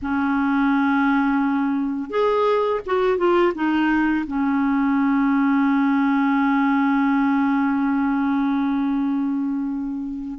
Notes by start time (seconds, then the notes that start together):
0.02 C#4
2.10 G#4
2.86 F#4
3.17 F4
3.54 D#4
4.26 C#4